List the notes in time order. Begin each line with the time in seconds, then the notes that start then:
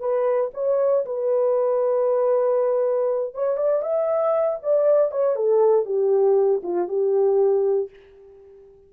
0.00 B4
0.54 C#5
1.05 B4
3.34 C#5
3.57 D5
3.82 E5
4.63 D5
5.11 C#5
5.36 A4
5.85 G4
6.63 F4
6.89 G4